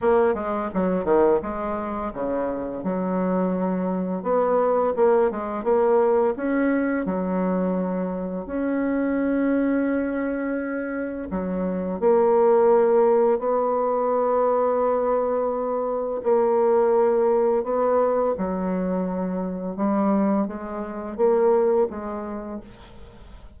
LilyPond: \new Staff \with { instrumentName = "bassoon" } { \time 4/4 \tempo 4 = 85 ais8 gis8 fis8 dis8 gis4 cis4 | fis2 b4 ais8 gis8 | ais4 cis'4 fis2 | cis'1 |
fis4 ais2 b4~ | b2. ais4~ | ais4 b4 fis2 | g4 gis4 ais4 gis4 | }